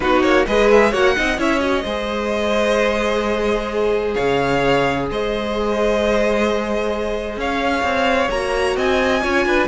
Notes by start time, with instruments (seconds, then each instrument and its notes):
0.00 cello B3, viola D#4, violin F#4 B4
0.22 cello A#3, violin C#5
0.47 cello G#3, viola G#4, violin B4 D#5
0.70 violin E5
0.91 cello A#3, viola F#4, violin C#5 F#5
1.15 cello C4, viola D#4, violin D#5
1.37 cello C#4, viola E4, violin C#5 E5
1.60 viola F#4, violin D#5
1.83 cello G#3, viola G#4, violin C5
4.14 cello C#3, violin C#5 F5
5.10 cello G#3, violin C5 D#5
7.36 cello C#4, violin C#5 F5
7.83 cello C4
8.30 cello A#3, viola F#4, violin A#5
8.76 cello C4, violin D#5 G#5
9.21 cello C#4, viola F4, violin C#5
9.45 cello D4, violin B4